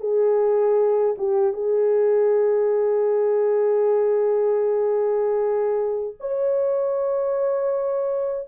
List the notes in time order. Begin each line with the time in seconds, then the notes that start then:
0.00 G#4
1.18 G4
1.53 G#4
6.20 C#5